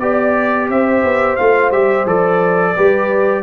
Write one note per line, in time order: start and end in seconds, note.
0.00 0.69 B3
0.00 1.40 G4
0.00 0.69 D5
0.00 0.70 D5
0.69 1.04 C4
0.69 2.74 C5
0.69 1.36 E5
1.04 1.38 B3
1.36 1.72 A3
1.36 1.73 F4
1.36 1.71 F5
1.72 2.06 G3
1.72 2.07 G4
1.72 2.07 E5
2.06 2.75 F3
2.06 2.76 A4
2.06 3.44 D5
2.74 3.44 G3
2.74 3.44 G4
2.74 3.43 B4